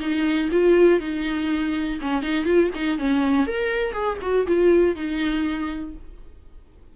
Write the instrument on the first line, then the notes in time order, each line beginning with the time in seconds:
viola
0.00 D#4
0.51 F4
1.00 D#4
2.01 C#4
2.22 D#4
2.45 F4
2.75 D#4
2.98 C#4
3.47 A#4
3.93 G#4
4.21 F#4
4.47 F4
4.95 D#4